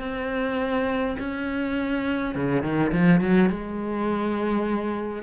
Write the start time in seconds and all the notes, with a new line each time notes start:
0.00 C4
1.19 C#4
2.35 C#3
2.63 D#3
2.93 F3
3.21 F#3
3.50 G#3